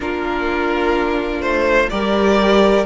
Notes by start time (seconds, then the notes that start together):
0.00 A#3 D4 F4 A#4
1.40 A3 C5
1.89 G3 G4 A#4 D5